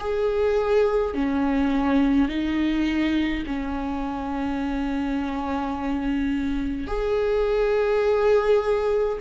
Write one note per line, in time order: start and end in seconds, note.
0.00 1.14 G#4
1.14 2.29 C#4
2.29 3.44 D#4
3.47 6.88 C#4
6.88 9.18 G#4